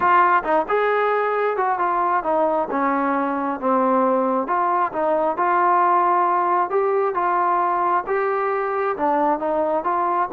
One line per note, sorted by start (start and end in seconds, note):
0.00 0.43 F4
0.43 0.66 D#4
0.68 1.57 G#4
1.57 1.78 F#4
1.78 2.23 F4
2.23 2.68 D#4
2.70 3.59 C#4
3.59 4.47 C4
4.47 4.91 F4
4.92 5.36 D#4
5.36 6.69 F4
6.69 7.14 G4
7.14 8.04 F4
8.07 8.96 G4
8.97 9.39 D4
9.39 9.84 D#4
9.84 10.28 F4